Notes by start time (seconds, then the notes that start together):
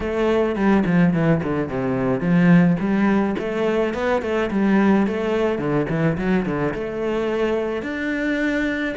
0.00 A3
0.55 G3
0.85 F3
1.13 E3
1.43 D3
1.68 C3
2.20 F3
2.79 G3
3.38 A3
3.94 B3
4.22 A3
4.50 G3
5.06 A3
5.58 D3
5.89 E3
6.17 F#3
6.45 D3
6.73 A3
7.82 D4